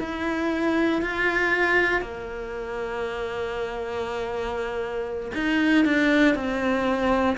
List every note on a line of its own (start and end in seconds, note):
0.00 1.02 E4
1.02 2.01 F4
2.01 5.32 A#3
5.34 5.85 D#4
5.85 6.35 D4
6.35 7.37 C4